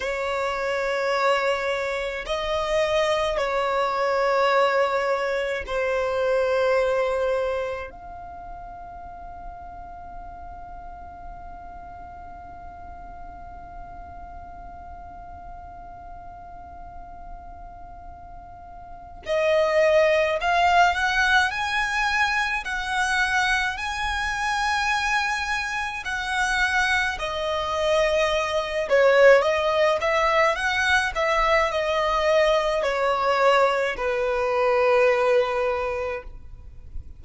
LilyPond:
\new Staff \with { instrumentName = "violin" } { \time 4/4 \tempo 4 = 53 cis''2 dis''4 cis''4~ | cis''4 c''2 f''4~ | f''1~ | f''1~ |
f''4 dis''4 f''8 fis''8 gis''4 | fis''4 gis''2 fis''4 | dis''4. cis''8 dis''8 e''8 fis''8 e''8 | dis''4 cis''4 b'2 | }